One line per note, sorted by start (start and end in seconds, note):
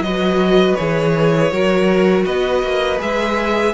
0.00 0.74 F#3
0.00 0.78 F#4
0.00 1.53 B4
0.00 0.75 D#5
0.75 1.51 E3
0.75 1.52 G#4
0.75 2.23 C#5
1.51 2.25 F#3
1.51 2.99 F#4
1.51 2.26 A#4
2.26 2.63 B3
2.26 3.74 B4
2.26 3.00 D#5
2.63 3.00 A#3
2.99 3.74 G#3
2.99 3.73 G#4
2.99 3.74 E5